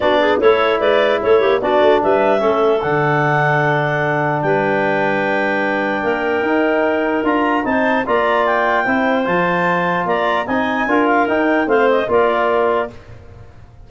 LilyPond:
<<
  \new Staff \with { instrumentName = "clarinet" } { \time 4/4 \tempo 4 = 149 d''4 cis''4 d''4 cis''4 | d''4 e''2 fis''4~ | fis''2. g''4~ | g''1~ |
g''2 ais''4 a''4 | ais''4 g''2 a''4~ | a''4 ais''4 gis''4. f''8 | g''4 f''8 dis''8 d''2 | }
  \new Staff \with { instrumentName = "clarinet" } { \time 4/4 fis'8 gis'8 a'4 b'4 a'8 g'8 | fis'4 b'4 a'2~ | a'2. b'4~ | b'2. ais'4~ |
ais'2. c''4 | d''2 c''2~ | c''4 d''4 dis''4 ais'4~ | ais'4 c''4 ais'2 | }
  \new Staff \with { instrumentName = "trombone" } { \time 4/4 d'4 e'2. | d'2 cis'4 d'4~ | d'1~ | d'1 |
dis'2 f'4 dis'4 | f'2 e'4 f'4~ | f'2 dis'4 f'4 | dis'4 c'4 f'2 | }
  \new Staff \with { instrumentName = "tuba" } { \time 4/4 b4 a4 gis4 a8 ais8 | b8 a8 g4 a4 d4~ | d2. g4~ | g2. ais4 |
dis'2 d'4 c'4 | ais2 c'4 f4~ | f4 ais4 c'4 d'4 | dis'4 a4 ais2 | }
>>